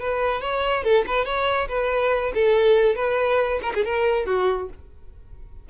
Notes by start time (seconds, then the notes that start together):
0.00 B4
0.41 C#5
0.84 A4
1.07 B4
1.25 C#5
1.69 B4
2.35 A4
2.96 B4
3.63 A#4
3.75 G#4
3.85 A#4
4.26 F#4